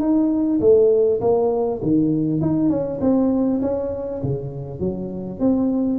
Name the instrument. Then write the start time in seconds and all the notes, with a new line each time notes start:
tuba
0.00 D#4
0.60 A3
1.21 A#3
1.82 D#3
2.41 D#4
2.70 C#4
3.01 C4
3.62 C#4
4.23 C#3
4.80 F#3
5.39 C4